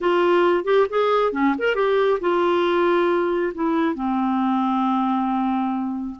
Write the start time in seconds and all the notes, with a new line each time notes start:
0.00 F4
0.64 G4
0.89 G#4
1.32 C#4
1.58 A#4
1.75 G4
2.20 F4
3.54 E4
3.94 C4